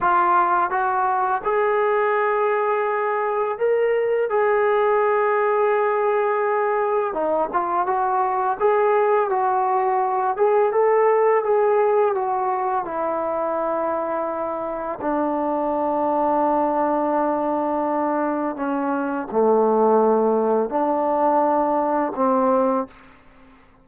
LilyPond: \new Staff \with { instrumentName = "trombone" } { \time 4/4 \tempo 4 = 84 f'4 fis'4 gis'2~ | gis'4 ais'4 gis'2~ | gis'2 dis'8 f'8 fis'4 | gis'4 fis'4. gis'8 a'4 |
gis'4 fis'4 e'2~ | e'4 d'2.~ | d'2 cis'4 a4~ | a4 d'2 c'4 | }